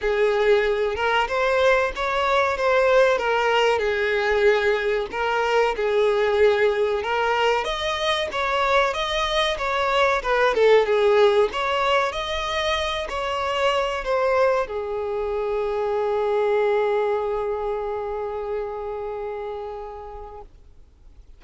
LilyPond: \new Staff \with { instrumentName = "violin" } { \time 4/4 \tempo 4 = 94 gis'4. ais'8 c''4 cis''4 | c''4 ais'4 gis'2 | ais'4 gis'2 ais'4 | dis''4 cis''4 dis''4 cis''4 |
b'8 a'8 gis'4 cis''4 dis''4~ | dis''8 cis''4. c''4 gis'4~ | gis'1~ | gis'1 | }